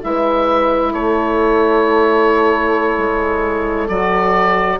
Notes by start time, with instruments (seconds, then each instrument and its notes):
0.00 bassoon G#3, saxophone E4, horn B4, oboe E5
0.91 bassoon A3, horn A4, oboe C#5
2.97 bassoon G#3
3.88 bassoon F#3, saxophone F#4, oboe D5